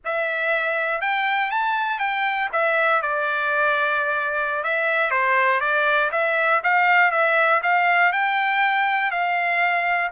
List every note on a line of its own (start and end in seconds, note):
0.05 1.01 E5
1.01 1.50 G5
1.50 1.99 A5
1.99 2.49 G5
2.52 3.01 E5
3.01 4.63 D5
4.63 5.10 E5
5.10 5.60 C5
5.60 6.10 D5
6.11 6.61 E5
6.63 7.11 F5
7.11 7.61 E5
7.62 8.12 F5
8.12 9.11 G5
9.11 10.11 F5